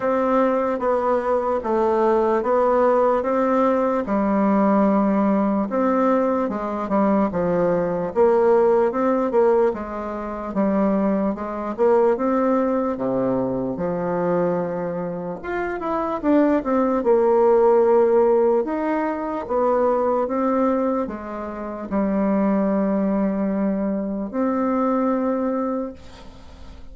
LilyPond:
\new Staff \with { instrumentName = "bassoon" } { \time 4/4 \tempo 4 = 74 c'4 b4 a4 b4 | c'4 g2 c'4 | gis8 g8 f4 ais4 c'8 ais8 | gis4 g4 gis8 ais8 c'4 |
c4 f2 f'8 e'8 | d'8 c'8 ais2 dis'4 | b4 c'4 gis4 g4~ | g2 c'2 | }